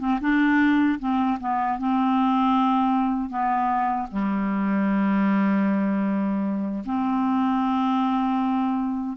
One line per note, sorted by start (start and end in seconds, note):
0.00 0.19 C4
0.21 0.99 D4
1.00 1.38 C4
1.40 1.79 B3
1.79 3.30 C4
3.30 4.08 B3
4.11 6.84 G3
6.85 9.17 C4